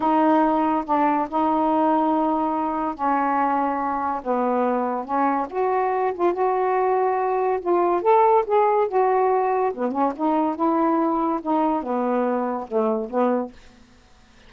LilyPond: \new Staff \with { instrumentName = "saxophone" } { \time 4/4 \tempo 4 = 142 dis'2 d'4 dis'4~ | dis'2. cis'4~ | cis'2 b2 | cis'4 fis'4. f'8 fis'4~ |
fis'2 f'4 a'4 | gis'4 fis'2 b8 cis'8 | dis'4 e'2 dis'4 | b2 a4 b4 | }